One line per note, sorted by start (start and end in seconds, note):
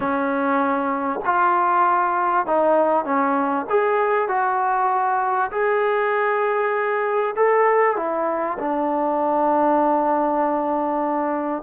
0.00 1.19 C#4
1.25 2.46 F4
2.46 3.04 D#4
3.04 3.66 C#4
3.69 4.28 G#4
4.28 5.50 F#4
5.51 7.35 G#4
7.36 7.96 A4
7.96 8.57 E4
8.59 11.62 D4